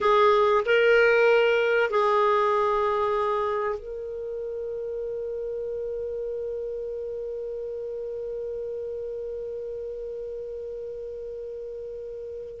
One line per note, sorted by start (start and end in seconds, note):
0.00 0.63 G#4
0.65 1.90 A#4
1.90 3.79 G#4
3.79 12.60 A#4